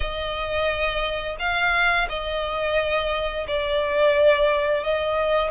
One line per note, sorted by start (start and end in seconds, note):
0.00 1.36 D#5
1.39 2.08 F5
2.09 3.47 D#5
3.47 4.83 D5
4.83 5.50 D#5